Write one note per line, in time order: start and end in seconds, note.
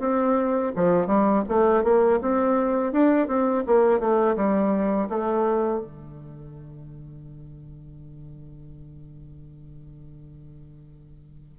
0.00 0.72 C4
0.76 1.07 F3
1.07 1.44 G3
1.49 1.84 A3
1.84 2.20 A#3
2.22 2.93 C4
2.93 3.28 D4
3.28 3.64 C4
3.67 4.00 A#3
4.00 4.36 A3
4.37 5.09 G3
5.10 5.81 A3
5.81 11.59 D3